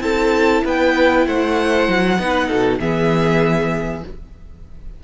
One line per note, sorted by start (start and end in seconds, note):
0.00 0.62 C4
0.00 2.17 E4
0.00 0.65 A4
0.00 0.64 A5
0.64 1.26 B3
0.64 1.26 B4
0.64 1.27 G5
1.26 1.88 A3
1.26 2.19 C5
1.26 2.80 F#5
1.88 2.18 F#3
2.18 2.49 B3
2.18 2.80 D#4
2.18 2.47 B4
2.47 2.79 B2
2.47 2.78 A4
2.79 4.03 E3
2.79 4.03 B3
2.79 4.04 G#4
2.79 4.03 E5